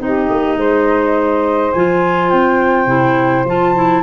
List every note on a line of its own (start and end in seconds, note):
0.00 0.29 C4
0.00 1.73 D#4
0.00 0.58 G4
0.00 1.73 D#5
0.30 0.57 A#3
0.57 1.72 G#3
0.57 4.04 C5
1.73 2.33 F3
1.73 2.88 F4
1.73 2.30 G#5
2.30 2.87 C4
2.30 3.45 G5
2.87 3.44 C3
2.87 3.45 E4
3.45 4.03 F3
3.45 3.76 F4
3.45 4.04 A5
3.76 4.04 E4